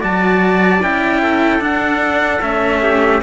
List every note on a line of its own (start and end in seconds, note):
0.00 0.83 F#3
0.00 0.80 F#4
0.00 1.21 D5
0.00 0.83 A5
0.83 1.61 C#4
0.83 1.60 E4
0.83 1.63 G5
1.23 2.83 A4
1.60 2.40 D4
1.60 2.41 D4
1.60 2.42 F#5
2.42 3.22 A3
2.42 3.22 C#4
2.42 3.22 E5
2.83 3.23 G4